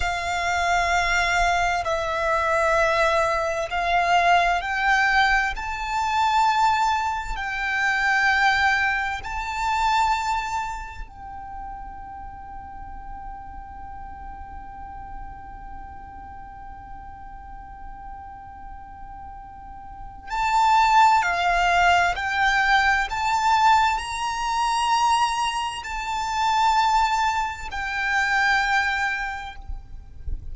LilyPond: \new Staff \with { instrumentName = "violin" } { \time 4/4 \tempo 4 = 65 f''2 e''2 | f''4 g''4 a''2 | g''2 a''2 | g''1~ |
g''1~ | g''2 a''4 f''4 | g''4 a''4 ais''2 | a''2 g''2 | }